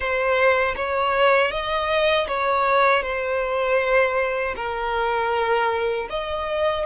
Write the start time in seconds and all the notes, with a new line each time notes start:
0.00 C5
0.76 C#5
1.51 D#5
2.27 C#5
3.02 C5
4.56 A#4
6.09 D#5